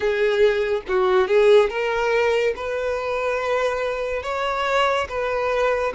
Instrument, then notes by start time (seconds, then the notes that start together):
violin
0.00 G#4
0.88 F#4
1.27 G#4
1.69 A#4
2.55 B4
4.23 C#5
5.09 B4